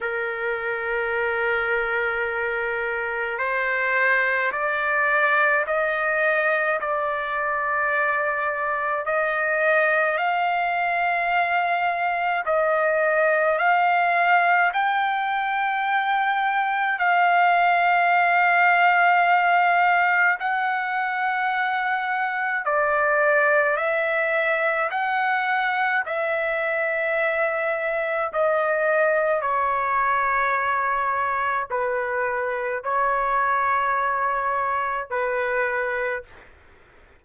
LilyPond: \new Staff \with { instrumentName = "trumpet" } { \time 4/4 \tempo 4 = 53 ais'2. c''4 | d''4 dis''4 d''2 | dis''4 f''2 dis''4 | f''4 g''2 f''4~ |
f''2 fis''2 | d''4 e''4 fis''4 e''4~ | e''4 dis''4 cis''2 | b'4 cis''2 b'4 | }